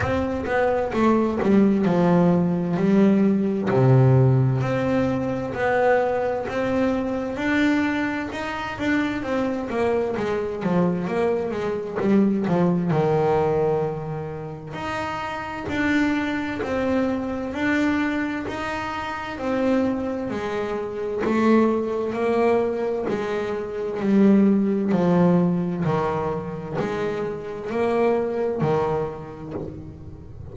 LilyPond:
\new Staff \with { instrumentName = "double bass" } { \time 4/4 \tempo 4 = 65 c'8 b8 a8 g8 f4 g4 | c4 c'4 b4 c'4 | d'4 dis'8 d'8 c'8 ais8 gis8 f8 | ais8 gis8 g8 f8 dis2 |
dis'4 d'4 c'4 d'4 | dis'4 c'4 gis4 a4 | ais4 gis4 g4 f4 | dis4 gis4 ais4 dis4 | }